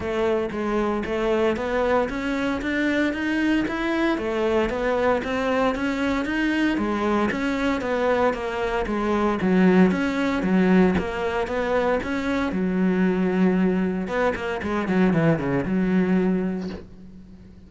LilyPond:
\new Staff \with { instrumentName = "cello" } { \time 4/4 \tempo 4 = 115 a4 gis4 a4 b4 | cis'4 d'4 dis'4 e'4 | a4 b4 c'4 cis'4 | dis'4 gis4 cis'4 b4 |
ais4 gis4 fis4 cis'4 | fis4 ais4 b4 cis'4 | fis2. b8 ais8 | gis8 fis8 e8 cis8 fis2 | }